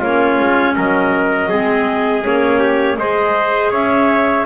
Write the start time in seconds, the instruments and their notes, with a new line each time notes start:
0.00 double bass A#3, clarinet C#4 C#5, trumpet F4
0.40 double bass G#3
0.76 double bass F#3, trumpet A#4, clarinet D#5
1.49 double bass G#3, clarinet C4, trumpet G#4
2.23 double bass A#3, clarinet C#4 C#5
2.59 trumpet G4
2.97 double bass G#3, clarinet G#4 D#5, trumpet C5
3.71 double bass C#4, trumpet C#5, clarinet E5